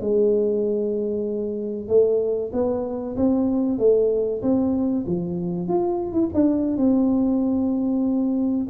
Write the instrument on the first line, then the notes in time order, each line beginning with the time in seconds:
tuba
0.00 G#3
1.88 A3
2.52 B3
3.16 C4
3.78 A3
4.42 C4
5.06 F3
5.68 F4
6.12 E4
6.34 D4
6.77 C4